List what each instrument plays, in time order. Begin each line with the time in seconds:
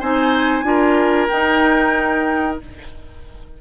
0.00 bassoon C4, clarinet D#4, oboe C5, flute G#5
0.63 bassoon D4, clarinet F4, oboe A#4
1.28 clarinet D#4, bassoon D#4, flute G5